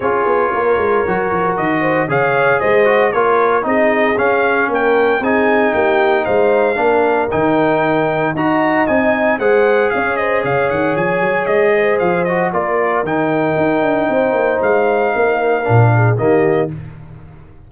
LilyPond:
<<
  \new Staff \with { instrumentName = "trumpet" } { \time 4/4 \tempo 4 = 115 cis''2. dis''4 | f''4 dis''4 cis''4 dis''4 | f''4 g''4 gis''4 g''4 | f''2 g''2 |
ais''4 gis''4 fis''4 f''8 dis''8 | f''8 fis''8 gis''4 dis''4 f''8 dis''8 | d''4 g''2. | f''2. dis''4 | }
  \new Staff \with { instrumentName = "horn" } { \time 4/4 gis'4 ais'2~ ais'8 c''8 | cis''4 c''4 ais'4 gis'4~ | gis'4 ais'4 gis'4 g'4 | c''4 ais'2. |
dis''2 c''4 cis''8 c''8 | cis''2~ cis''8 c''4. | ais'2. c''4~ | c''4 ais'4. gis'8 g'4 | }
  \new Staff \with { instrumentName = "trombone" } { \time 4/4 f'2 fis'2 | gis'4. fis'8 f'4 dis'4 | cis'2 dis'2~ | dis'4 d'4 dis'2 |
fis'4 dis'4 gis'2~ | gis'2.~ gis'8 fis'8 | f'4 dis'2.~ | dis'2 d'4 ais4 | }
  \new Staff \with { instrumentName = "tuba" } { \time 4/4 cis'8 b8 ais8 gis8 fis8 f8 dis4 | cis4 gis4 ais4 c'4 | cis'4 ais4 c'4 ais4 | gis4 ais4 dis2 |
dis'4 c'4 gis4 cis'4 | cis8 dis8 f8 fis8 gis4 f4 | ais4 dis4 dis'8 d'8 c'8 ais8 | gis4 ais4 ais,4 dis4 | }
>>